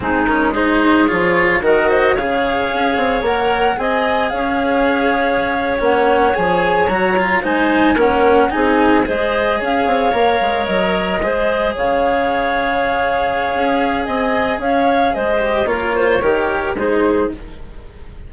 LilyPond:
<<
  \new Staff \with { instrumentName = "flute" } { \time 4/4 \tempo 4 = 111 gis'8 ais'8 c''4 cis''4 dis''4 | f''2 fis''4 gis''4 | f''2~ f''8. fis''4 gis''16~ | gis''8. ais''4 gis''4 fis''4 gis''16~ |
gis''8. dis''4 f''2 dis''16~ | dis''4.~ dis''16 f''2~ f''16~ | f''2 gis''4 f''4 | dis''4 cis''2 c''4 | }
  \new Staff \with { instrumentName = "clarinet" } { \time 4/4 dis'4 gis'2 ais'8 c''8 | cis''2. dis''4 | cis''1~ | cis''4.~ cis''16 c''4 ais'4 gis'16~ |
gis'8. c''4 cis''2~ cis''16~ | cis''8. c''4 cis''2~ cis''16~ | cis''2 dis''4 cis''4 | c''4 ais'8 c''8 ais'4 gis'4 | }
  \new Staff \with { instrumentName = "cello" } { \time 4/4 c'8 cis'8 dis'4 f'4 fis'4 | gis'2 ais'4 gis'4~ | gis'2~ gis'8. cis'4 gis'16~ | gis'8. fis'8 f'8 dis'4 cis'4 dis'16~ |
dis'8. gis'2 ais'4~ ais'16~ | ais'8. gis'2.~ gis'16~ | gis'1~ | gis'8 g'8 f'4 g'4 dis'4 | }
  \new Staff \with { instrumentName = "bassoon" } { \time 4/4 gis2 f4 dis4 | cis4 cis'8 c'8 ais4 c'4 | cis'2~ cis'8. ais4 f16~ | f8. fis4 gis4 ais4 c'16~ |
c'8. gis4 cis'8 c'8 ais8 gis8 fis16~ | fis8. gis4 cis2~ cis16~ | cis4 cis'4 c'4 cis'4 | gis4 ais4 dis4 gis4 | }
>>